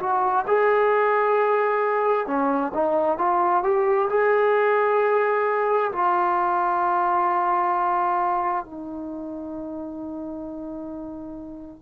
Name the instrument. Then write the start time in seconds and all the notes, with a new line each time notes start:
trombone
0.00 F#4
0.48 G#4
2.27 C#4
2.74 D#4
3.18 F4
3.64 G4
4.10 G#4
5.92 F4
8.65 D#4